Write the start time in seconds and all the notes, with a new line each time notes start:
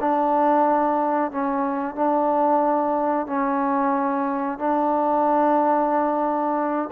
0.00 D4
1.31 C#4
1.95 D4
3.26 C#4
4.59 D4